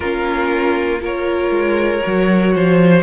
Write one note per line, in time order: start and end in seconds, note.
0.00 1.50 A#3
0.00 0.99 C#4
0.00 1.01 F4
0.00 1.01 A#4
0.99 2.01 F4
0.99 2.53 A#4
0.99 3.03 C#5
1.50 2.01 G#3
2.03 2.55 F#3
2.03 3.03 F#4
2.54 3.03 F3
2.54 3.03 C5